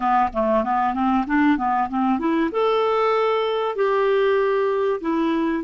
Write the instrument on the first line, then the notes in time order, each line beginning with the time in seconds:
clarinet
0.00 B3
0.33 A3
0.63 B3
0.94 C4
1.27 D4
1.57 B3
1.89 C4
2.19 E4
2.51 A4
3.75 G4
5.01 E4